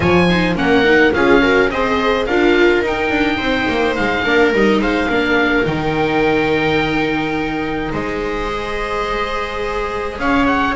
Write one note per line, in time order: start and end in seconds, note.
0.00 0.55 F3
0.00 0.26 F4
0.00 0.28 C#5
0.00 0.54 G#5
0.29 0.55 D#4
0.29 0.57 C5
0.55 1.11 A#3
0.55 0.83 C#4
0.55 1.14 A#4
0.55 1.13 F#5
0.83 1.12 D#4
1.13 1.70 C#4
1.13 1.41 F4
1.13 1.42 G#4
1.13 1.70 F5
1.41 1.70 F#4
1.41 1.70 A#4
1.70 2.27 C4
1.70 2.29 G#4
1.70 2.26 C5
1.70 2.26 D#5
2.26 2.82 D4
2.26 2.84 F4
2.26 3.37 A#4
2.26 2.82 F5
2.82 3.10 D#4
2.82 4.25 D#4
2.82 3.95 G5
3.10 3.38 D4
3.37 3.67 C4
3.37 4.22 C5
3.69 3.97 A#3
3.95 4.25 G#3
3.95 4.52 F5
4.25 4.53 A#3
4.25 4.53 D4
4.25 4.81 A#4
4.53 4.79 G3
4.53 5.10 D#4
4.53 4.81 D#5
4.79 5.07 G#3
4.79 5.08 C5
4.79 5.65 F5
5.08 5.65 A#3
5.08 5.65 D4
5.08 7.91 A#4
5.65 7.92 D#3
5.65 8.47 D#4
5.65 7.92 G5
7.92 10.18 G#3
7.92 10.18 C5
7.92 10.19 D#5
8.47 10.73 G#4
10.18 10.75 C#4
10.18 10.76 C#5
10.18 10.46 F5
10.46 10.74 F#5